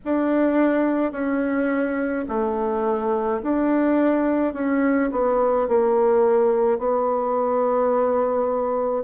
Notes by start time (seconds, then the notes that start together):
0.05 D4
1.12 C#4
2.28 A3
3.43 D4
4.53 C#4
5.11 B3
5.68 A#3
6.78 B3